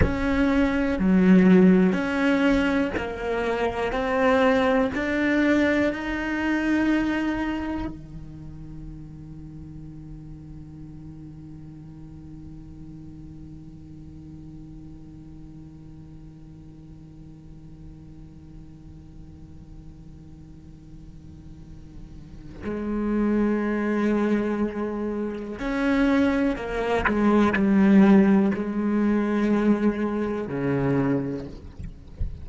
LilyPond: \new Staff \with { instrumentName = "cello" } { \time 4/4 \tempo 4 = 61 cis'4 fis4 cis'4 ais4 | c'4 d'4 dis'2 | dis1~ | dis1~ |
dis1~ | dis2. gis4~ | gis2 cis'4 ais8 gis8 | g4 gis2 cis4 | }